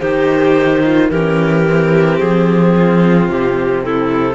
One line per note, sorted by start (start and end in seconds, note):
0.00 1.11 D#3
0.00 1.11 D#4
0.00 0.84 G4
0.00 1.09 C5
0.85 1.12 F4
1.10 2.21 E3
1.10 1.68 C#4
1.10 2.75 G4
1.10 2.19 A#4
1.68 4.35 C4
2.19 3.29 F3
2.19 3.28 G#4
2.76 3.85 F4
3.29 4.35 C3
3.29 3.83 G4
3.83 4.35 E4
3.83 4.35 A4